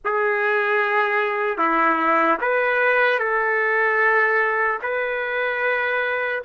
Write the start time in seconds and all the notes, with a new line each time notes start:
0.04 G#4
1.58 E4
2.41 B4
3.19 A4
4.82 B4